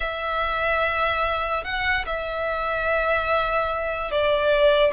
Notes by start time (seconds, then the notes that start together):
0.00 E5
1.64 F#5
2.05 E5
4.11 D5